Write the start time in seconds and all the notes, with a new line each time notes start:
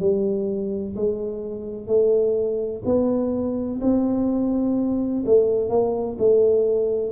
0.00 G3
0.96 G#3
1.87 A3
2.85 B3
3.81 C4
5.26 A3
5.70 A#3
6.19 A3